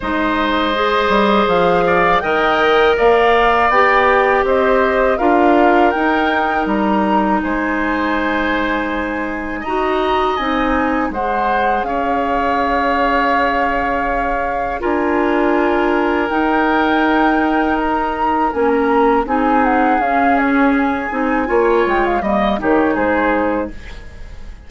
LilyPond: <<
  \new Staff \with { instrumentName = "flute" } { \time 4/4 \tempo 4 = 81 dis''2 f''4 g''4 | f''4 g''4 dis''4 f''4 | g''4 ais''4 gis''2~ | gis''4 ais''4 gis''4 fis''4 |
f''1 | gis''2 g''2 | ais''4 gis''16 ais''8. gis''8 fis''8 f''8 cis''8 | gis''4. g''16 f''16 dis''8 cis''8 c''4 | }
  \new Staff \with { instrumentName = "oboe" } { \time 4/4 c''2~ c''8 d''8 dis''4 | d''2 c''4 ais'4~ | ais'2 c''2~ | c''4 dis''2 c''4 |
cis''1 | ais'1~ | ais'2 gis'2~ | gis'4 cis''4 dis''8 g'8 gis'4 | }
  \new Staff \with { instrumentName = "clarinet" } { \time 4/4 dis'4 gis'2 ais'4~ | ais'4 g'2 f'4 | dis'1~ | dis'4 fis'4 dis'4 gis'4~ |
gis'1 | f'2 dis'2~ | dis'4 cis'4 dis'4 cis'4~ | cis'8 dis'8 f'4 ais8 dis'4. | }
  \new Staff \with { instrumentName = "bassoon" } { \time 4/4 gis4. g8 f4 dis4 | ais4 b4 c'4 d'4 | dis'4 g4 gis2~ | gis4 dis'4 c'4 gis4 |
cis'1 | d'2 dis'2~ | dis'4 ais4 c'4 cis'4~ | cis'8 c'8 ais8 gis8 g8 dis8 gis4 | }
>>